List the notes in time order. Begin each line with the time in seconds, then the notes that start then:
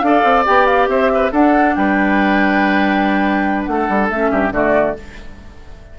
0.00 D4 A4 D5 F5
0.24 C4
0.46 B3 G4 G5
0.66 F5
0.88 C4 C5 E5
1.14 B4
1.32 D4 A4 F#5
1.75 G3 B4 G5
3.65 A3 F#5
3.71 A4
3.89 G3
4.10 A3 C#4 E5
4.31 G2 G4
4.52 D3 A3 F#4 D5